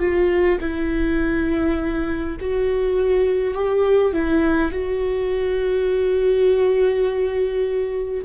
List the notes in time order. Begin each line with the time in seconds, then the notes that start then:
0.00 F4
0.61 E4
2.41 F#4
3.55 G4
4.13 E4
4.72 F#4